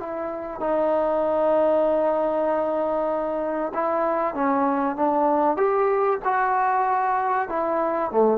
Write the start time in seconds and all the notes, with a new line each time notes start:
0.00 E4
0.60 D#4
3.74 E4
4.35 C#4
4.96 D4
5.57 G4
6.25 F#4
7.49 E4
8.12 A3